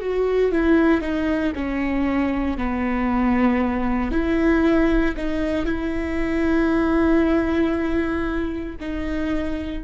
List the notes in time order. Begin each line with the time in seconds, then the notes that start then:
0.00 F#4
0.52 E4
1.01 D#4
1.55 C#4
2.57 B3
4.11 E4
5.16 D#4
5.65 E4
8.80 D#4